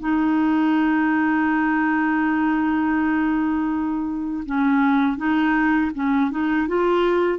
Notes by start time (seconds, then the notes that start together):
0.00 D#4
4.46 C#4
5.18 D#4
5.95 C#4
6.31 D#4
6.68 F4